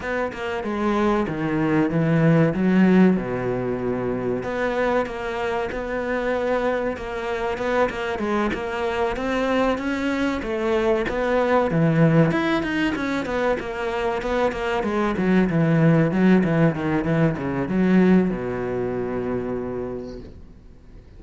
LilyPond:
\new Staff \with { instrumentName = "cello" } { \time 4/4 \tempo 4 = 95 b8 ais8 gis4 dis4 e4 | fis4 b,2 b4 | ais4 b2 ais4 | b8 ais8 gis8 ais4 c'4 cis'8~ |
cis'8 a4 b4 e4 e'8 | dis'8 cis'8 b8 ais4 b8 ais8 gis8 | fis8 e4 fis8 e8 dis8 e8 cis8 | fis4 b,2. | }